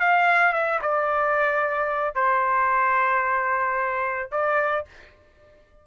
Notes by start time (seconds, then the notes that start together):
0.00 F5
0.53 E5
0.82 D5
2.15 C5
4.31 D5